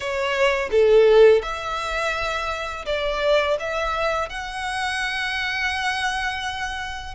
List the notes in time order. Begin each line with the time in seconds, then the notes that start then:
0.00 C#5
0.71 A4
1.42 E5
2.85 D5
3.59 E5
4.29 F#5